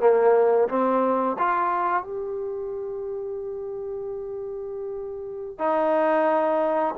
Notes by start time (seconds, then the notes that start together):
0.00 A#3
0.69 C4
1.39 F4
2.04 G4
5.58 D#4